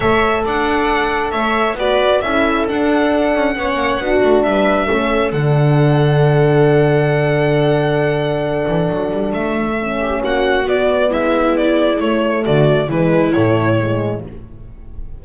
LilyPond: <<
  \new Staff \with { instrumentName = "violin" } { \time 4/4 \tempo 4 = 135 e''4 fis''2 e''4 | d''4 e''4 fis''2~ | fis''2 e''2 | fis''1~ |
fis''1~ | fis''4 e''2 fis''4 | d''4 e''4 d''4 cis''4 | d''4 b'4 cis''2 | }
  \new Staff \with { instrumentName = "viola" } { \time 4/4 cis''4 d''2 cis''4 | b'4 a'2. | cis''4 fis'4 b'4 a'4~ | a'1~ |
a'1~ | a'2~ a'8 g'8 fis'4~ | fis'4 e'2. | fis'4 e'2. | }
  \new Staff \with { instrumentName = "horn" } { \time 4/4 a'1 | fis'4 e'4 d'2 | cis'4 d'2 cis'4 | d'1~ |
d'1~ | d'2 cis'2 | b2. a4~ | a4 gis4 a4 gis4 | }
  \new Staff \with { instrumentName = "double bass" } { \time 4/4 a4 d'2 a4 | b4 cis'4 d'4. cis'8 | b8 ais8 b8 a8 g4 a4 | d1~ |
d2.~ d8 e8 | fis8 g8 a2 ais4 | b4 gis2 a4 | d4 e4 a,2 | }
>>